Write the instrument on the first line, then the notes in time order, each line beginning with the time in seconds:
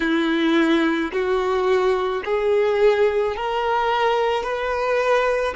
violin
0.00 E4
1.12 F#4
2.24 G#4
3.36 A#4
4.43 B4